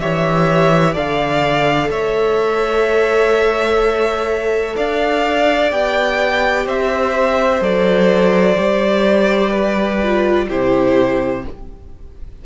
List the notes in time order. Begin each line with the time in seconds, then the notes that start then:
0.00 E3 G4 C#5 E5
0.93 D3 A4 D5 F5
1.89 A3 C#5 E5
4.76 D4 D5 F5
5.72 B3 G4 G5
6.66 C4 C5 E5
7.61 F#3 A4 D5
8.56 G3 G4
9.50 B4
10.03 F4
10.49 C3 E4 G4 C5